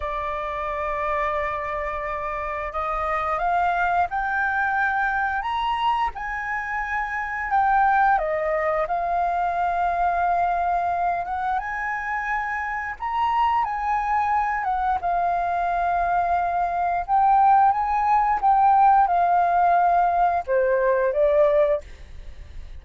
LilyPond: \new Staff \with { instrumentName = "flute" } { \time 4/4 \tempo 4 = 88 d''1 | dis''4 f''4 g''2 | ais''4 gis''2 g''4 | dis''4 f''2.~ |
f''8 fis''8 gis''2 ais''4 | gis''4. fis''8 f''2~ | f''4 g''4 gis''4 g''4 | f''2 c''4 d''4 | }